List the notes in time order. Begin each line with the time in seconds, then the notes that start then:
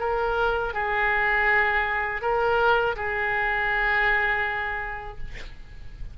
0.00 A#4
0.74 G#4
2.22 A#4
2.96 G#4